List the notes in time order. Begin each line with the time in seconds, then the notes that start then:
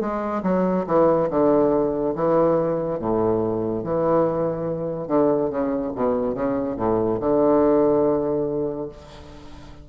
0.00 G#3
0.43 F#3
0.86 E3
1.30 D3
2.15 E3
2.99 A2
3.84 E3
5.07 D3
5.50 C#3
5.95 B2
6.35 C#3
6.76 A2
7.20 D3